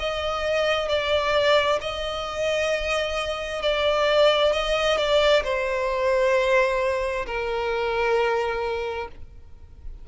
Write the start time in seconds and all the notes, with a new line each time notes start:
0.00 D#5
0.89 D5
1.82 D#5
3.63 D5
4.53 D#5
4.98 D5
5.44 C5
7.27 A#4